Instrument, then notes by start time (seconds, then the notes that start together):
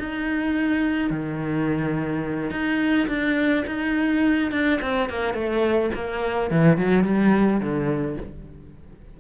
cello
0.00 D#4
1.11 D#3
2.51 D#4
3.08 D4
3.67 D#4
4.52 D4
4.82 C4
5.10 A#3
5.34 A3
5.95 A#3
6.51 E3
6.78 F#3
7.04 G3
7.61 D3